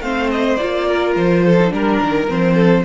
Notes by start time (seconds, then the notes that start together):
0.00 A3 C4 C5 F5
0.31 D#5
0.56 F4 D5
0.62 A#3
0.87 A#4
1.16 F3 C5
1.45 A4
1.60 D#4
1.69 G3 D4 A#4
2.01 D#3
2.29 F3 C4 C5
2.54 A4